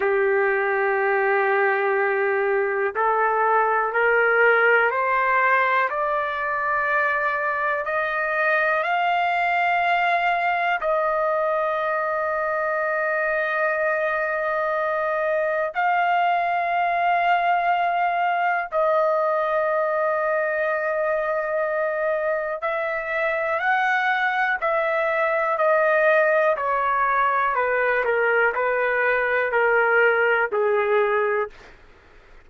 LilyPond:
\new Staff \with { instrumentName = "trumpet" } { \time 4/4 \tempo 4 = 61 g'2. a'4 | ais'4 c''4 d''2 | dis''4 f''2 dis''4~ | dis''1 |
f''2. dis''4~ | dis''2. e''4 | fis''4 e''4 dis''4 cis''4 | b'8 ais'8 b'4 ais'4 gis'4 | }